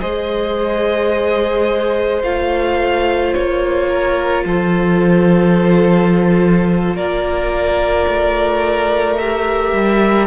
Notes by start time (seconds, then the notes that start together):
0.00 G#3 G#4 C5 D#5
2.23 A3 F4 F5
3.34 A#3 C#5
3.88 A#4
4.45 F3 A4 C5
6.95 A#3 A#4 D5
8.08 A3
9.18 G4 E5
9.73 G3